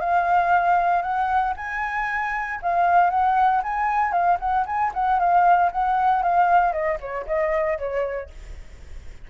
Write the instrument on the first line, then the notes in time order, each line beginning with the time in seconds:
flute
0.00 F5
1.02 F#5
1.57 G#5
2.62 F5
3.10 F#5
3.63 G#5
4.12 F5
4.40 F#5
4.66 G#5
4.94 F#5
5.20 F5
5.72 F#5
6.23 F5
6.73 D#5
7.00 C#5
7.27 D#5
7.78 C#5